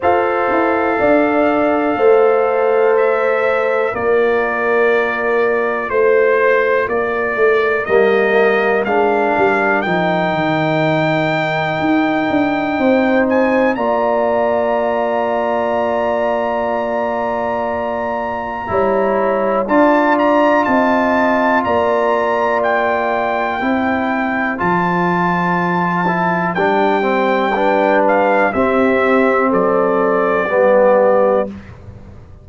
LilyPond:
<<
  \new Staff \with { instrumentName = "trumpet" } { \time 4/4 \tempo 4 = 61 f''2. e''4 | d''2 c''4 d''4 | dis''4 f''4 g''2~ | g''4. gis''8 ais''2~ |
ais''1 | a''8 ais''8 a''4 ais''4 g''4~ | g''4 a''2 g''4~ | g''8 f''8 e''4 d''2 | }
  \new Staff \with { instrumentName = "horn" } { \time 4/4 c''4 d''4 c''2 | ais'2 c''4 ais'4~ | ais'1~ | ais'4 c''4 d''2~ |
d''2. cis''4 | d''4 dis''4 d''2 | c''1 | b'4 g'4 a'4 g'4 | }
  \new Staff \with { instrumentName = "trombone" } { \time 4/4 a'1 | f'1 | ais4 d'4 dis'2~ | dis'2 f'2~ |
f'2. e'4 | f'1 | e'4 f'4. e'8 d'8 c'8 | d'4 c'2 b4 | }
  \new Staff \with { instrumentName = "tuba" } { \time 4/4 f'8 e'8 d'4 a2 | ais2 a4 ais8 a8 | g4 gis8 g8 f8 dis4. | dis'8 d'8 c'4 ais2~ |
ais2. g4 | d'4 c'4 ais2 | c'4 f2 g4~ | g4 c'4 fis4 g4 | }
>>